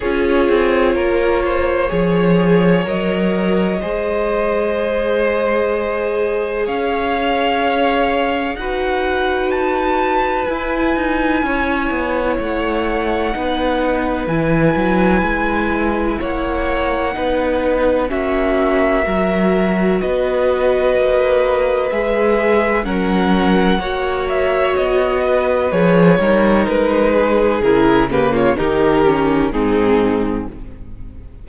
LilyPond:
<<
  \new Staff \with { instrumentName = "violin" } { \time 4/4 \tempo 4 = 63 cis''2. dis''4~ | dis''2. f''4~ | f''4 fis''4 a''4 gis''4~ | gis''4 fis''2 gis''4~ |
gis''4 fis''2 e''4~ | e''4 dis''2 e''4 | fis''4. e''8 dis''4 cis''4 | b'4 ais'8 b'16 cis''16 ais'4 gis'4 | }
  \new Staff \with { instrumentName = "violin" } { \time 4/4 gis'4 ais'8 c''8 cis''2 | c''2. cis''4~ | cis''4 b'2. | cis''2 b'2~ |
b'4 cis''4 b'4 fis'4 | ais'4 b'2. | ais'4 cis''4. b'4 ais'8~ | ais'8 gis'4 g'16 f'16 g'4 dis'4 | }
  \new Staff \with { instrumentName = "viola" } { \time 4/4 f'2 gis'4 ais'4 | gis'1~ | gis'4 fis'2 e'4~ | e'2 dis'4 e'4~ |
e'2 dis'4 cis'4 | fis'2. gis'4 | cis'4 fis'2 gis'8 dis'8~ | dis'4 e'8 ais8 dis'8 cis'8 c'4 | }
  \new Staff \with { instrumentName = "cello" } { \time 4/4 cis'8 c'8 ais4 f4 fis4 | gis2. cis'4~ | cis'4 dis'2 e'8 dis'8 | cis'8 b8 a4 b4 e8 fis8 |
gis4 ais4 b4 ais4 | fis4 b4 ais4 gis4 | fis4 ais4 b4 f8 g8 | gis4 cis4 dis4 gis,4 | }
>>